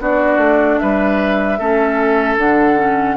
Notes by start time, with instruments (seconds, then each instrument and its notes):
0.00 bassoon B3, clarinet D4, oboe F#4, flute D5
0.38 bassoon A3
0.79 bassoon G3, oboe B4, flute E5
1.59 bassoon A3, clarinet C#4, oboe A4
2.37 bassoon D3, clarinet D4, flute F#5
2.77 clarinet C#4